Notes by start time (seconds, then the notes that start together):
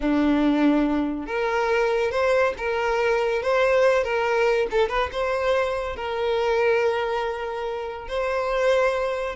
0.00 D4
1.26 A#4
2.11 C5
2.57 A#4
3.42 C5
4.03 A#4
4.70 A4
4.88 B4
5.12 C5
5.96 A#4
8.08 C5